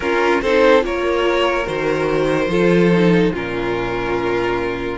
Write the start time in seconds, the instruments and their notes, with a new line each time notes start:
0.00 cello C#4, viola C#4, violin F4 A#4
0.42 cello C4, viola D#4, violin A4 C5
0.80 cello A#3, viola F4, violin A#4 C#5
1.66 cello D#3, viola F#4, violin C5
2.47 cello F3, viola F4, violin A4
2.92 viola D#4
3.32 cello A#2, viola C#4, violin F4 A#4